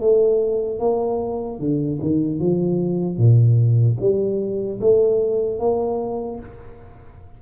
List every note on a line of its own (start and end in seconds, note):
0.00 0.79 A3
0.79 1.59 A#3
1.59 1.99 D3
2.01 2.39 D#3
2.39 3.17 F3
3.17 3.97 A#2
4.00 4.80 G3
4.80 5.59 A3
5.59 6.39 A#3